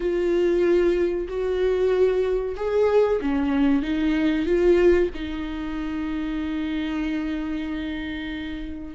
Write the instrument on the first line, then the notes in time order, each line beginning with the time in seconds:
viola
0.00 F4
1.28 F#4
2.56 G#4
3.21 C#4
3.82 D#4
4.45 F4
5.14 D#4